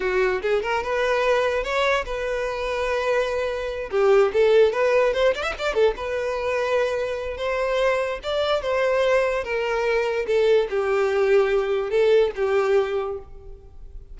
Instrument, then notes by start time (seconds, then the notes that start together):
violin
0.00 F#4
0.42 G#4
0.62 A#4
0.83 B4
1.63 C#5
2.05 B4
3.91 G4
4.33 A4
4.72 B4
5.13 C5
5.34 D5
5.42 E5
5.58 D5
5.73 A4
5.96 B4
7.37 C5
8.23 D5
8.62 C5
9.43 A#4
10.26 A4
10.70 G4
11.90 A4
12.35 G4